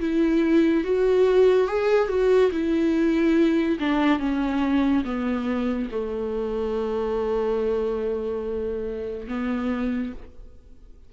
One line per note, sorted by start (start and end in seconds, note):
0.00 0.84 E4
0.84 1.67 F#4
1.67 2.09 G#4
2.09 2.51 F#4
2.52 3.78 E4
3.80 4.19 D4
4.19 5.04 C#4
5.04 5.89 B3
5.91 9.28 A3
9.28 10.13 B3